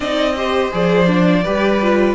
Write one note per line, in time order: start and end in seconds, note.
0.00 0.71 C4
0.00 0.35 D#4
0.00 0.33 D5
0.00 0.73 D#5
0.36 0.72 G4
0.36 1.43 C5
0.72 1.46 F3
0.72 1.07 G#4
0.72 2.14 D5
1.07 1.43 D4
1.43 2.14 G3
1.43 1.80 G4
1.43 2.14 B4
1.81 2.14 F4